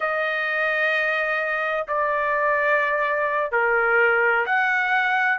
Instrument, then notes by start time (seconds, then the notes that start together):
trumpet
0.00 D#5
1.87 D5
3.51 A#4
4.46 F#5